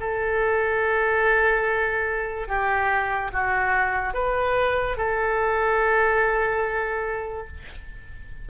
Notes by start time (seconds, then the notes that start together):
0.00 A4
2.48 G4
3.33 F#4
4.14 B4
4.97 A4